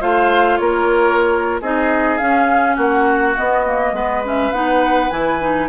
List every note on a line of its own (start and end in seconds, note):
0.00 0.59 A3
0.00 1.61 F4
0.00 0.58 C5
0.00 0.57 F5
0.57 1.61 A#3
0.57 1.61 A#4
0.57 1.59 C#5
1.61 2.19 C4
1.61 2.19 D#4
1.61 2.75 G#4
1.61 2.17 D#5
2.17 3.36 C#4
2.17 2.77 C#4
2.17 2.75 F5
2.75 3.35 A#3
2.75 3.92 F#4
2.75 3.37 F#5
3.37 3.66 B3
3.37 3.92 B3
3.37 4.25 D#5
3.66 3.94 A#3
3.92 4.50 G#3
3.92 4.23 B3
3.92 5.68 B4
4.23 4.53 C#4
4.23 4.52 E5
4.52 5.10 B3
4.52 5.10 D#4
4.52 5.10 F#5
5.10 5.68 E3
5.10 5.39 E4
5.10 5.68 G#5
5.39 5.68 D#4